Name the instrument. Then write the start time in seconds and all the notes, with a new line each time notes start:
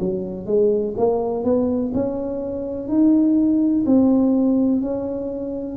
tuba
0.00 F#3
0.47 G#3
0.98 A#3
1.45 B3
1.94 C#4
2.89 D#4
3.86 C4
4.82 C#4